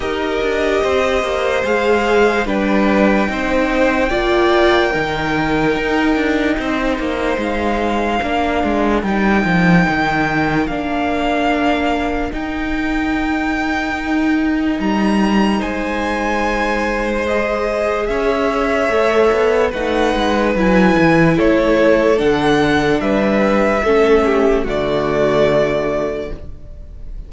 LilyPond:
<<
  \new Staff \with { instrumentName = "violin" } { \time 4/4 \tempo 4 = 73 dis''2 f''4 g''4~ | g''1~ | g''4 f''2 g''4~ | g''4 f''2 g''4~ |
g''2 ais''4 gis''4~ | gis''4 dis''4 e''2 | fis''4 gis''4 cis''4 fis''4 | e''2 d''2 | }
  \new Staff \with { instrumentName = "violin" } { \time 4/4 ais'4 c''2 b'4 | c''4 d''4 ais'2 | c''2 ais'2~ | ais'1~ |
ais'2. c''4~ | c''2 cis''2 | b'2 a'2 | b'4 a'8 g'8 fis'2 | }
  \new Staff \with { instrumentName = "viola" } { \time 4/4 g'2 gis'4 d'4 | dis'4 f'4 dis'2~ | dis'2 d'4 dis'4~ | dis'4 d'2 dis'4~ |
dis'1~ | dis'4 gis'2 a'4 | dis'4 e'2 d'4~ | d'4 cis'4 a2 | }
  \new Staff \with { instrumentName = "cello" } { \time 4/4 dis'8 d'8 c'8 ais8 gis4 g4 | c'4 ais4 dis4 dis'8 d'8 | c'8 ais8 gis4 ais8 gis8 g8 f8 | dis4 ais2 dis'4~ |
dis'2 g4 gis4~ | gis2 cis'4 a8 b8 | a8 gis8 fis8 e8 a4 d4 | g4 a4 d2 | }
>>